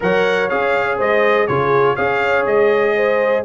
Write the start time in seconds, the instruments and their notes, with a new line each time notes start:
0.00 tuba F#3, trombone A#4, horn C#5, trumpet F#5
0.49 tuba C#4, trombone G#4, trumpet F5
0.97 tuba G#3, horn C5, trumpet D#5
1.47 tuba C#3, trombone F4, horn G#4, trumpet C#5
1.95 tuba C#4, trombone G#4, horn C#5, trumpet F5
2.46 tuba G#3, trumpet D#5
2.96 horn C5